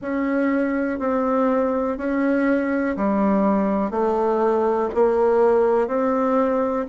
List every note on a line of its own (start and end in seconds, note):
0.01 0.99 C#4
0.99 1.97 C4
1.97 2.96 C#4
2.96 3.91 G3
3.91 4.89 A3
4.94 5.87 A#3
5.87 6.85 C4